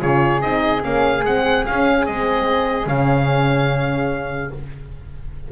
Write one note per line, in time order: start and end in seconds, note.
0.00 0.42 C#3
0.00 0.42 F4
0.00 4.52 G#4
0.00 0.41 C#5
0.41 0.83 C4
0.41 0.81 D#4
0.41 0.82 D#5
0.81 1.23 A#3
0.81 1.22 C#4
0.81 1.24 F5
1.23 1.65 G#3
1.23 1.67 C4
1.23 1.65 F#5
1.65 2.08 C#4
1.65 2.06 F5
2.06 2.86 G#3
2.06 2.86 C4
2.06 2.87 D#5
2.86 4.51 C#3
2.86 4.50 C#4
2.86 4.52 F5